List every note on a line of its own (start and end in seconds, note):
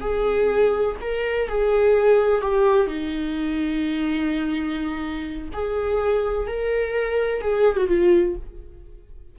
0.00 0.95 G#4
1.00 1.48 A#4
1.48 2.41 G#4
2.41 2.87 G4
2.87 5.49 D#4
5.53 6.47 G#4
6.47 7.41 A#4
7.41 7.76 G#4
7.76 7.87 F#4
7.87 8.35 F4